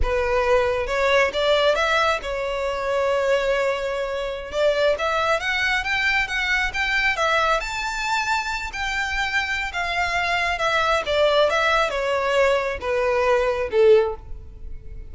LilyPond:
\new Staff \with { instrumentName = "violin" } { \time 4/4 \tempo 4 = 136 b'2 cis''4 d''4 | e''4 cis''2.~ | cis''2~ cis''16 d''4 e''8.~ | e''16 fis''4 g''4 fis''4 g''8.~ |
g''16 e''4 a''2~ a''8 g''16~ | g''2 f''2 | e''4 d''4 e''4 cis''4~ | cis''4 b'2 a'4 | }